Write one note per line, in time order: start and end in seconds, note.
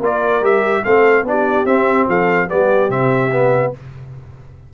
0.00 0.41 A#3
0.00 0.43 F4
0.00 0.83 A#4
0.00 0.45 D5
0.41 0.82 G3
0.41 0.84 G4
0.41 0.85 E5
0.85 1.23 A3
0.85 1.26 C4
0.85 1.27 A4
0.85 1.26 F5
1.23 1.65 B3
1.23 1.66 D4
1.23 1.66 D5
1.30 2.09 G4
1.65 2.07 C4
1.65 2.49 C4
1.65 2.07 E5
2.09 2.50 F3
2.09 2.49 A4
2.09 2.50 F5
2.49 2.90 G3
2.49 2.90 B3
2.49 3.73 G4
2.49 2.91 D5
2.90 3.73 C3
2.90 3.31 C4
2.90 3.74 E5
3.32 3.74 B3